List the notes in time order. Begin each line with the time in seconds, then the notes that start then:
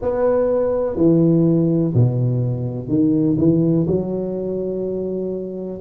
0.01 B3
0.96 E3
1.94 B2
2.88 D#3
3.37 E3
3.87 F#3